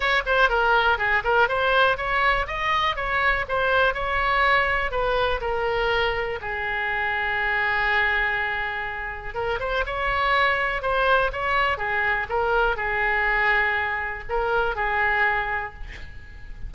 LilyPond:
\new Staff \with { instrumentName = "oboe" } { \time 4/4 \tempo 4 = 122 cis''8 c''8 ais'4 gis'8 ais'8 c''4 | cis''4 dis''4 cis''4 c''4 | cis''2 b'4 ais'4~ | ais'4 gis'2.~ |
gis'2. ais'8 c''8 | cis''2 c''4 cis''4 | gis'4 ais'4 gis'2~ | gis'4 ais'4 gis'2 | }